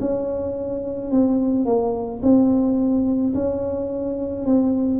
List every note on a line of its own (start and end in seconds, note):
0.00 1.11 C#4
1.11 1.66 C4
1.66 2.21 A#3
2.22 3.33 C4
3.34 4.45 C#4
4.45 5.00 C4